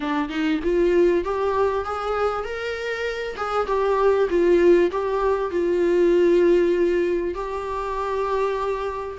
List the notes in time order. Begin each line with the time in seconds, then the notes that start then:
0.00 D4
0.29 D#4
0.63 F4
1.24 G4
1.84 G#4
2.44 A#4
3.36 G#4
3.67 G4
4.29 F4
4.91 G4
5.50 F4
7.34 G4